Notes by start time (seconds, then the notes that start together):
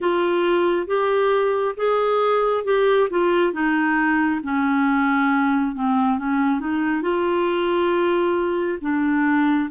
0.00 F4
0.87 G4
1.76 G#4
2.64 G4
3.10 F4
3.52 D#4
4.43 C#4
5.75 C4
6.18 C#4
6.60 D#4
7.01 F4
8.81 D4